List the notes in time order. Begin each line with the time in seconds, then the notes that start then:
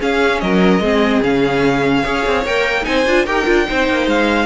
0.00 C#4 G#4 F5
0.41 F#3 A#4 D#5
0.80 G#3 C4 G#4
1.23 C#3 C#4 F5
2.04 C#4 G#4 C#5
2.27 C4
2.46 A#3 A#4 G5
2.83 C4 D#4 G#5
2.89 C5
3.06 D4 F4
3.26 D#4 G4 A#4 G5
3.46 D4 F4
3.66 C4 D#4 C5
3.89 A#3
4.07 G#3 F5